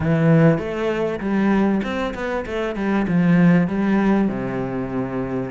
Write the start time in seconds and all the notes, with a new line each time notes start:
0.00 E3
0.58 A3
1.20 G3
1.83 C4
2.14 B3
2.45 A3
2.76 G3
3.07 F3
3.67 G3
4.28 C3